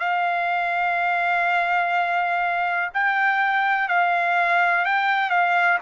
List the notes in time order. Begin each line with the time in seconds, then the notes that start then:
0.00 F5
2.95 G5
3.89 F5
4.86 G5
5.30 F5